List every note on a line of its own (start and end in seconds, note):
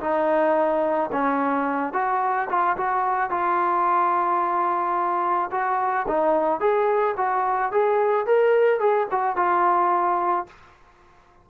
0.00 1.10 D#4
1.12 1.93 C#4
1.93 2.48 F#4
2.49 2.76 F4
2.77 3.30 F#4
3.30 5.50 F4
5.51 6.06 F#4
6.08 6.60 D#4
6.60 7.15 G#4
7.17 7.71 F#4
7.71 8.26 G#4
8.26 8.79 A#4
8.79 9.07 G#4
9.11 9.36 F#4
9.36 10.46 F4